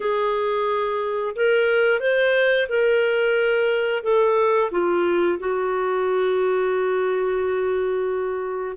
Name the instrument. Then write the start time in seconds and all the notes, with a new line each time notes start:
clarinet
0.00 G#4
1.35 A#4
2.00 C5
2.68 A#4
4.03 A4
4.71 F4
5.39 F#4